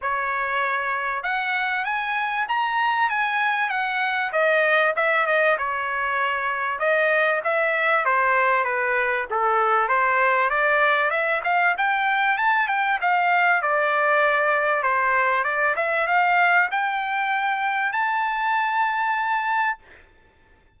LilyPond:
\new Staff \with { instrumentName = "trumpet" } { \time 4/4 \tempo 4 = 97 cis''2 fis''4 gis''4 | ais''4 gis''4 fis''4 dis''4 | e''8 dis''8 cis''2 dis''4 | e''4 c''4 b'4 a'4 |
c''4 d''4 e''8 f''8 g''4 | a''8 g''8 f''4 d''2 | c''4 d''8 e''8 f''4 g''4~ | g''4 a''2. | }